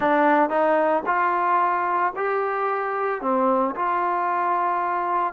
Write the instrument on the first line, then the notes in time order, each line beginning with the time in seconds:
trombone
0.00 D4
0.49 D#4
1.06 F4
2.15 G4
3.21 C4
3.75 F4